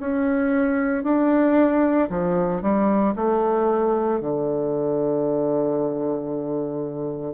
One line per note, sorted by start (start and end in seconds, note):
0.00 1.04 C#4
1.04 2.09 D4
2.10 2.62 F3
2.62 3.14 G3
3.16 4.21 A3
4.21 7.34 D3